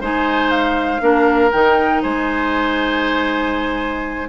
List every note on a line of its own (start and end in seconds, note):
0.00 1.01 G#3
0.00 1.00 D#4
0.00 1.01 C5
0.00 0.50 G#5
0.50 1.51 F5
1.00 1.51 A#3
1.00 1.51 D4
1.00 2.02 A#4
1.51 2.04 D#3
1.51 4.28 D#4
1.51 2.02 G5
2.02 4.28 G#3
2.02 4.28 C5
2.02 4.28 G#5